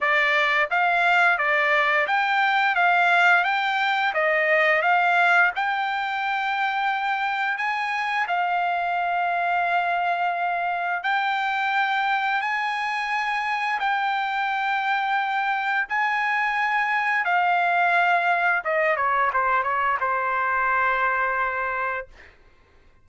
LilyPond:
\new Staff \with { instrumentName = "trumpet" } { \time 4/4 \tempo 4 = 87 d''4 f''4 d''4 g''4 | f''4 g''4 dis''4 f''4 | g''2. gis''4 | f''1 |
g''2 gis''2 | g''2. gis''4~ | gis''4 f''2 dis''8 cis''8 | c''8 cis''8 c''2. | }